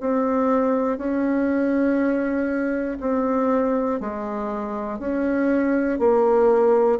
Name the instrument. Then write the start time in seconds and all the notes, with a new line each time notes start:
bassoon
0.00 C4
0.98 C#4
3.00 C4
4.00 G#3
4.99 C#4
5.99 A#3